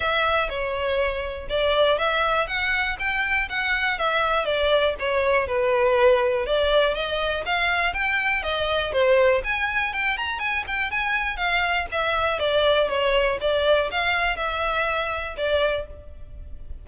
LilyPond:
\new Staff \with { instrumentName = "violin" } { \time 4/4 \tempo 4 = 121 e''4 cis''2 d''4 | e''4 fis''4 g''4 fis''4 | e''4 d''4 cis''4 b'4~ | b'4 d''4 dis''4 f''4 |
g''4 dis''4 c''4 gis''4 | g''8 ais''8 gis''8 g''8 gis''4 f''4 | e''4 d''4 cis''4 d''4 | f''4 e''2 d''4 | }